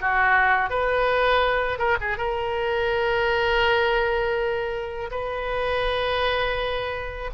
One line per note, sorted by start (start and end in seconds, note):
0.00 0.70 F#4
0.70 1.78 B4
1.78 1.97 A#4
2.00 2.17 G#4
2.17 5.10 A#4
5.11 7.30 B4